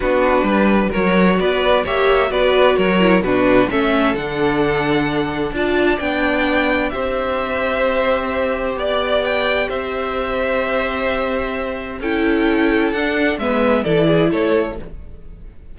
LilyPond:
<<
  \new Staff \with { instrumentName = "violin" } { \time 4/4 \tempo 4 = 130 b'2 cis''4 d''4 | e''4 d''4 cis''4 b'4 | e''4 fis''2. | a''4 g''2 e''4~ |
e''2. d''4 | g''4 e''2.~ | e''2 g''2 | fis''4 e''4 d''4 cis''4 | }
  \new Staff \with { instrumentName = "violin" } { \time 4/4 fis'4 b'4 ais'4 b'4 | cis''4 b'4 ais'4 fis'4 | a'1 | d''2. c''4~ |
c''2. d''4~ | d''4 c''2.~ | c''2 a'2~ | a'4 b'4 a'8 gis'8 a'4 | }
  \new Staff \with { instrumentName = "viola" } { \time 4/4 d'2 fis'2 | g'4 fis'4. e'8 d'4 | cis'4 d'2. | f'4 d'2 g'4~ |
g'1~ | g'1~ | g'2 e'2 | d'4 b4 e'2 | }
  \new Staff \with { instrumentName = "cello" } { \time 4/4 b4 g4 fis4 b4 | ais4 b4 fis4 b,4 | a4 d2. | d'4 b2 c'4~ |
c'2. b4~ | b4 c'2.~ | c'2 cis'2 | d'4 gis4 e4 a4 | }
>>